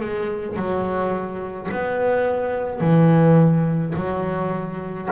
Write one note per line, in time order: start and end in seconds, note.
0.00 0.56 G#3
0.56 1.69 F#3
1.71 2.80 B3
2.80 3.94 E3
3.96 5.09 F#3